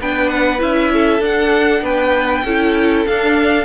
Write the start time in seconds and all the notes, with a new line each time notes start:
0.00 B3 D4 B4 G5
0.30 F#5
0.58 C#4 E4 E5
0.93 A4
1.20 D4 F#5
1.82 B3 B4 G5
2.44 C#4 E4 A4
3.06 D4 F5